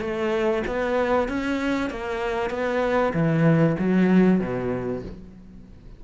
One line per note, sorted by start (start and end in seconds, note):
0.00 0.62 A3
0.66 1.28 B3
1.28 1.90 C#4
1.90 2.50 A#3
2.50 3.12 B3
3.13 3.76 E3
3.78 4.39 F#3
4.39 5.02 B2